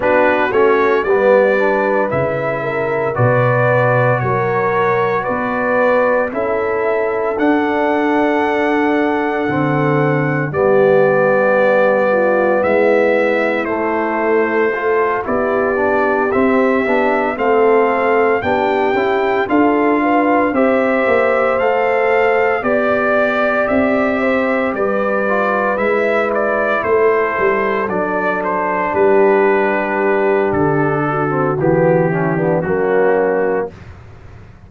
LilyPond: <<
  \new Staff \with { instrumentName = "trumpet" } { \time 4/4 \tempo 4 = 57 b'8 cis''8 d''4 e''4 d''4 | cis''4 d''4 e''4 fis''4~ | fis''2 d''2 | e''4 c''4. d''4 e''8~ |
e''8 f''4 g''4 f''4 e''8~ | e''8 f''4 d''4 e''4 d''8~ | d''8 e''8 d''8 c''4 d''8 c''8 b'8~ | b'4 a'4 g'4 fis'4 | }
  \new Staff \with { instrumentName = "horn" } { \time 4/4 fis'4 b'4. ais'8 b'4 | ais'4 b'4 a'2~ | a'2 g'4. f'8 | e'2 a'8 g'4.~ |
g'8 a'4 g'4 a'8 b'8 c''8~ | c''4. d''4. c''8 b'8~ | b'4. a'2 g'8~ | g'4. fis'4 e'16 d'16 cis'4 | }
  \new Staff \with { instrumentName = "trombone" } { \time 4/4 d'8 cis'8 b8 d'8 e'4 fis'4~ | fis'2 e'4 d'4~ | d'4 c'4 b2~ | b4 a4 f'8 e'8 d'8 c'8 |
d'8 c'4 d'8 e'8 f'4 g'8~ | g'8 a'4 g'2~ g'8 | f'8 e'2 d'4.~ | d'4.~ d'16 c'16 b8 cis'16 b16 ais4 | }
  \new Staff \with { instrumentName = "tuba" } { \time 4/4 b8 a8 g4 cis4 b,4 | fis4 b4 cis'4 d'4~ | d'4 d4 g2 | gis4 a4. b4 c'8 |
b8 a4 b8 cis'8 d'4 c'8 | ais8 a4 b4 c'4 g8~ | g8 gis4 a8 g8 fis4 g8~ | g4 d4 e4 fis4 | }
>>